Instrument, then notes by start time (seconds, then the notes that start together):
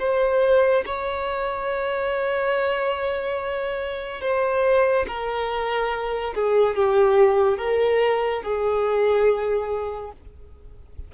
violin
0.00 C5
0.86 C#5
4.22 C5
5.08 A#4
6.35 G#4
6.76 G4
7.58 A#4
8.43 G#4